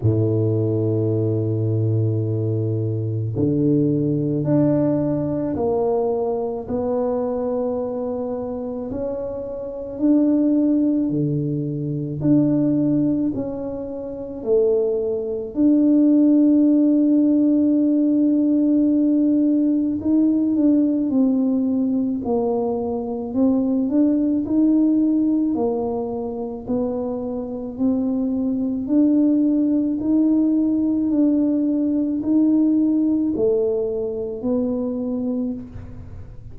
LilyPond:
\new Staff \with { instrumentName = "tuba" } { \time 4/4 \tempo 4 = 54 a,2. d4 | d'4 ais4 b2 | cis'4 d'4 d4 d'4 | cis'4 a4 d'2~ |
d'2 dis'8 d'8 c'4 | ais4 c'8 d'8 dis'4 ais4 | b4 c'4 d'4 dis'4 | d'4 dis'4 a4 b4 | }